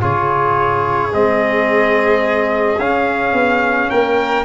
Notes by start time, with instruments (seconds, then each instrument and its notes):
0.00 tuba C#3, trombone F4, violin G#4, trumpet C#5
1.12 tuba G#3, trombone C4, trumpet D#5
2.78 tuba C#4, trombone C#4, trumpet F5
3.33 tuba B3
3.90 tuba A#3, violin A#4, trumpet G5